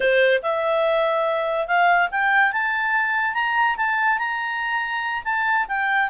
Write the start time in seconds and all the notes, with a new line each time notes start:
0.00 C5
0.42 E5
1.67 F5
2.11 G5
2.52 A5
3.34 A#5
3.76 A5
4.18 A#5
5.24 A5
5.68 G5